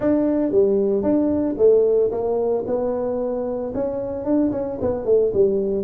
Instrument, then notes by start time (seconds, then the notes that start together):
tuba
0.00 D4
0.51 G3
1.02 D4
1.57 A3
2.11 A#3
2.66 B3
3.74 C#4
4.24 D4
4.51 C#4
4.81 B3
5.05 A3
5.33 G3